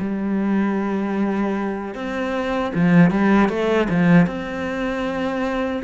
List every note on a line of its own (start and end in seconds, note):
0.00 1.95 G3
1.95 2.73 C4
2.75 3.11 F3
3.11 3.49 G3
3.49 3.88 A3
3.90 4.27 F3
4.27 5.83 C4